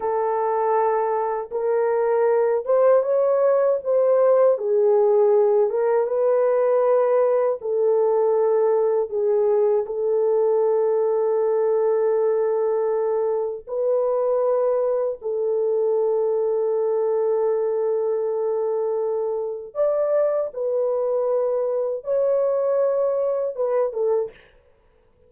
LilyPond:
\new Staff \with { instrumentName = "horn" } { \time 4/4 \tempo 4 = 79 a'2 ais'4. c''8 | cis''4 c''4 gis'4. ais'8 | b'2 a'2 | gis'4 a'2.~ |
a'2 b'2 | a'1~ | a'2 d''4 b'4~ | b'4 cis''2 b'8 a'8 | }